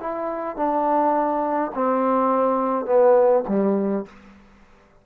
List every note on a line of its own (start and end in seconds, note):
0.00 0.56 E4
0.56 1.72 D4
1.75 2.86 C4
2.86 3.44 B3
3.48 4.06 G3